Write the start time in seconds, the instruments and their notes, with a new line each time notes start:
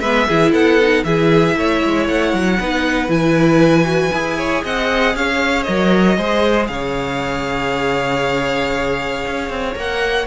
0.00 cello G#3, viola B3, violin B4 E5
0.27 cello E3, viola E4, violin G#4
0.51 cello B3, violin A4 F#5
0.81 viola D#4
1.04 cello E3, viola E4, violin G#4 E5
1.56 cello A3, violin C#5
1.85 cello G#3
2.08 cello A3, violin F#5
2.33 cello F#3
2.59 cello B3, viola D#4, violin B4
3.08 cello E3, viola E4, violin G#5
3.84 viola F#4
4.12 cello E4, viola G#4
4.37 violin C#5
4.64 cello C4, violin D#5 F#5
5.15 cello C#4, violin C#5 F5
5.63 cello F#3, viola A#4, violin D#5
6.17 cello G#3, viola G#4, violin C5
6.67 cello C#3, violin C#5 F5
9.27 cello C#4
9.49 cello C4
9.75 cello A#3, viola A#4, violin F#5